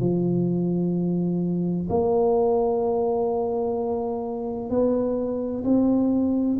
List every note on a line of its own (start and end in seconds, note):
0.00 1.87 F3
1.89 4.70 A#3
4.70 5.63 B3
5.64 6.58 C4